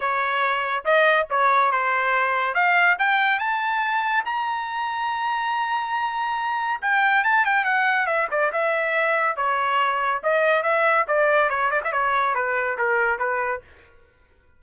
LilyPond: \new Staff \with { instrumentName = "trumpet" } { \time 4/4 \tempo 4 = 141 cis''2 dis''4 cis''4 | c''2 f''4 g''4 | a''2 ais''2~ | ais''1 |
g''4 a''8 g''8 fis''4 e''8 d''8 | e''2 cis''2 | dis''4 e''4 d''4 cis''8 d''16 e''16 | cis''4 b'4 ais'4 b'4 | }